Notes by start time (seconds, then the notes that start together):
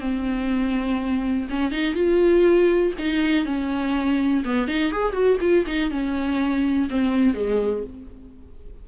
0.00 C4
1.49 C#4
1.71 D#4
1.94 F4
2.98 D#4
3.45 C#4
4.44 B3
4.67 D#4
4.92 G#4
5.12 F#4
5.40 F4
5.66 D#4
5.90 C#4
6.90 C4
7.34 G#3